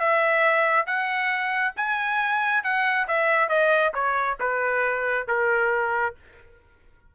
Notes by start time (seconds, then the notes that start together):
0.00 E5
0.87 F#5
1.77 G#5
2.64 F#5
3.08 E5
3.49 D#5
3.94 C#5
4.40 B4
5.28 A#4